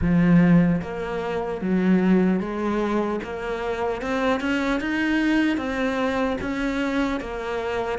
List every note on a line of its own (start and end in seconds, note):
0.01 0.81 F3
0.81 1.61 A#3
1.61 2.40 F#3
2.40 3.20 G#3
3.23 4.01 A#3
4.01 4.40 C4
4.40 4.80 C#4
4.80 5.57 D#4
5.57 6.37 C4
6.41 7.20 C#4
7.20 7.98 A#3